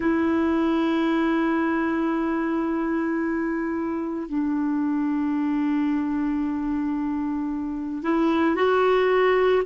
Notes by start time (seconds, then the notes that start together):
0.00 E4
4.28 D4
8.03 E4
8.55 F#4